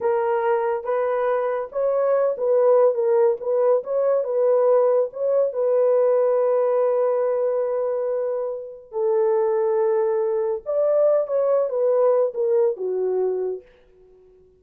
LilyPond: \new Staff \with { instrumentName = "horn" } { \time 4/4 \tempo 4 = 141 ais'2 b'2 | cis''4. b'4. ais'4 | b'4 cis''4 b'2 | cis''4 b'2.~ |
b'1~ | b'4 a'2.~ | a'4 d''4. cis''4 b'8~ | b'4 ais'4 fis'2 | }